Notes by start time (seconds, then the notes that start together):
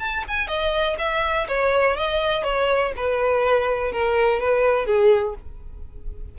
0.00 A5
0.28 G#5
0.48 D#5
0.99 E5
1.48 C#5
1.97 D#5
2.44 C#5
2.97 B4
3.92 A#4
4.40 B4
4.86 G#4